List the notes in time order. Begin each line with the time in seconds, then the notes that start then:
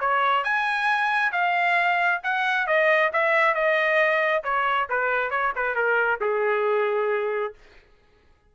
0.00 C#5
0.44 G#5
1.32 F5
2.23 F#5
2.67 D#5
3.13 E5
3.54 D#5
4.44 C#5
4.89 B4
5.31 C#5
5.56 B4
5.75 A#4
6.21 G#4